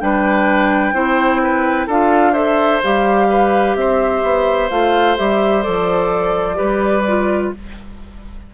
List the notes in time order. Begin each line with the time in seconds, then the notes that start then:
0.00 G3 D4 B4 G5
0.93 C4 E4 C5
1.43 B4
1.87 D4 F4 A4 F5
2.33 A4 C5 E5
2.83 G3 G4 F5
3.29 B4
3.75 C4 C5 E5
4.23 B3
4.70 A3 F4 F5
5.17 G3 G4 E5
5.62 F3 A4 D5
6.55 G3 G4 B4
7.07 F4